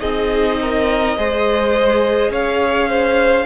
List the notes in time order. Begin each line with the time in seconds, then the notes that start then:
0.00 C4 D#4 G#4 D#5
0.61 A#4
1.17 G#3 G#4 C5
2.30 C#4 C#5 F5
2.89 C5